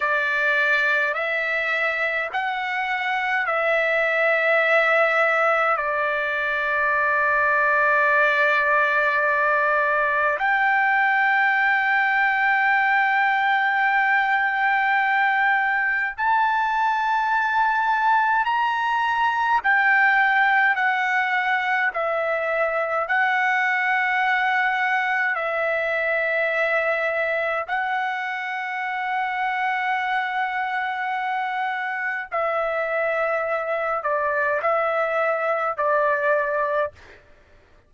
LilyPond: \new Staff \with { instrumentName = "trumpet" } { \time 4/4 \tempo 4 = 52 d''4 e''4 fis''4 e''4~ | e''4 d''2.~ | d''4 g''2.~ | g''2 a''2 |
ais''4 g''4 fis''4 e''4 | fis''2 e''2 | fis''1 | e''4. d''8 e''4 d''4 | }